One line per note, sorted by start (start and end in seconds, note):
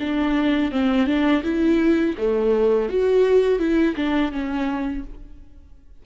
0.00 0.71 D4
0.71 1.06 C4
1.06 1.43 D4
1.43 2.16 E4
2.18 2.89 A3
2.89 3.59 F#4
3.59 3.95 E4
3.96 4.32 D4
4.32 5.04 C#4